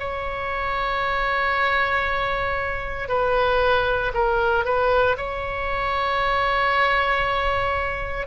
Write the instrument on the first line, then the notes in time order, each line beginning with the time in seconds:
oboe
0.00 C#5
3.09 B4
4.14 A#4
4.65 B4
5.18 C#5